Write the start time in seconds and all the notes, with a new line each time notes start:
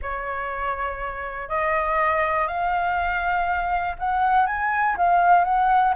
0.02 C#5
1.48 D#5
2.47 F5
3.98 F#5
4.46 G#5
4.97 F5
5.44 F#5